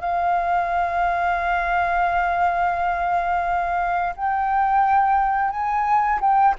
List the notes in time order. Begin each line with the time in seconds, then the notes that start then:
0.00 F5
4.16 G5
5.50 G#5
6.20 G5